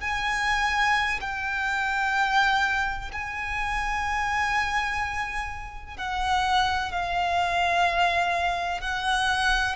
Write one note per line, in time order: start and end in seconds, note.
0.00 1.19 G#5
1.20 3.11 G5
3.12 5.97 G#5
5.97 6.91 F#5
6.91 8.81 F5
8.81 9.75 F#5